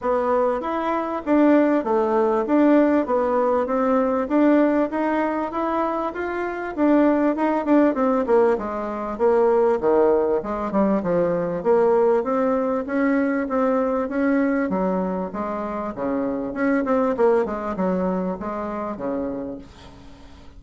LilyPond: \new Staff \with { instrumentName = "bassoon" } { \time 4/4 \tempo 4 = 98 b4 e'4 d'4 a4 | d'4 b4 c'4 d'4 | dis'4 e'4 f'4 d'4 | dis'8 d'8 c'8 ais8 gis4 ais4 |
dis4 gis8 g8 f4 ais4 | c'4 cis'4 c'4 cis'4 | fis4 gis4 cis4 cis'8 c'8 | ais8 gis8 fis4 gis4 cis4 | }